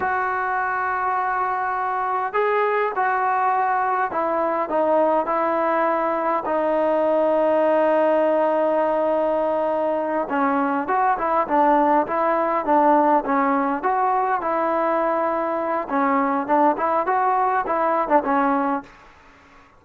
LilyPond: \new Staff \with { instrumentName = "trombone" } { \time 4/4 \tempo 4 = 102 fis'1 | gis'4 fis'2 e'4 | dis'4 e'2 dis'4~ | dis'1~ |
dis'4. cis'4 fis'8 e'8 d'8~ | d'8 e'4 d'4 cis'4 fis'8~ | fis'8 e'2~ e'8 cis'4 | d'8 e'8 fis'4 e'8. d'16 cis'4 | }